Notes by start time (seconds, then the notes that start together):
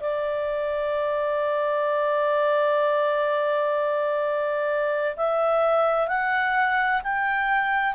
0.00 D5
5.16 E5
6.08 F#5
7.04 G5